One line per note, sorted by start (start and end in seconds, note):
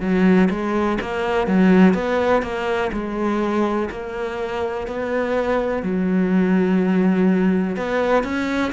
0.00 0.48 F#3
0.50 0.98 G#3
1.01 1.47 A#3
1.47 1.94 F#3
1.94 2.42 B3
2.42 2.90 A#3
2.92 3.89 G#3
3.90 4.87 A#3
4.87 5.82 B3
5.82 7.76 F#3
7.76 8.23 B3
8.23 8.72 C#4